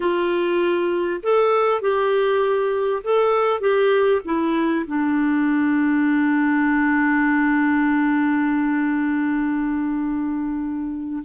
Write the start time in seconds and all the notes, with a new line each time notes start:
0.00 F4
1.23 A4
1.81 G4
3.03 A4
3.60 G4
4.25 E4
4.87 D4